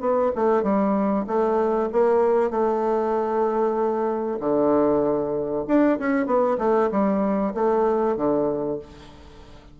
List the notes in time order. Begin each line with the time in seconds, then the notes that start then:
0.00 B3
0.35 A3
0.63 G3
1.27 A3
1.92 A#3
2.50 A3
4.39 D3
5.67 D4
5.99 C#4
6.26 B3
6.58 A3
6.91 G3
7.54 A3
8.16 D3